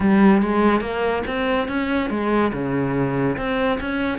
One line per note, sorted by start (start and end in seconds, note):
0.00 0.42 G3
0.42 0.81 G#3
0.81 1.23 A#3
1.26 1.68 C4
1.68 2.10 C#4
2.10 2.52 G#3
2.52 3.36 C#3
3.37 3.79 C4
3.80 4.18 C#4